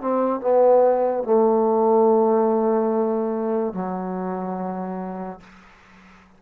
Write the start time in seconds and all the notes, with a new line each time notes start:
0.00 C4
0.40 B3
1.23 A3
3.73 F#3